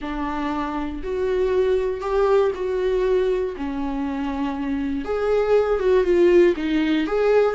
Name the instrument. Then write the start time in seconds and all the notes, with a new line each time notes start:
viola
0.01 D4
1.03 F#4
2.01 G4
2.55 F#4
3.56 C#4
5.04 G#4
5.79 F#4
6.04 F4
6.56 D#4
7.06 G#4